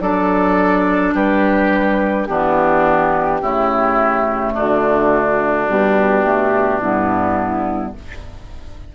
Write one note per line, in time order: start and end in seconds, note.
0.00 1.13 F#3
0.00 2.28 D4
0.00 1.14 A4
0.00 1.13 D5
1.14 2.27 G3
1.14 2.28 G4
1.14 2.26 B4
2.26 3.41 E3
2.26 3.41 B3
2.26 3.41 D4
2.26 4.52 G4
3.41 4.54 C#3
3.41 5.67 A3
3.41 4.53 E4
4.53 5.68 D3
4.53 7.93 D4
4.53 5.69 F#4
5.67 6.81 B2
5.67 6.23 G3
5.67 6.80 G4
6.23 6.80 A3
6.80 7.95 G2
6.80 7.95 B3
6.80 7.93 E4